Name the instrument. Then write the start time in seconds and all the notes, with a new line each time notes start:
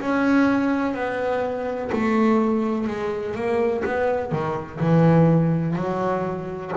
double bass
0.00 C#4
0.94 B3
1.92 A3
2.87 G#3
3.35 A#3
3.84 B3
4.32 D#3
4.80 E3
5.75 F#3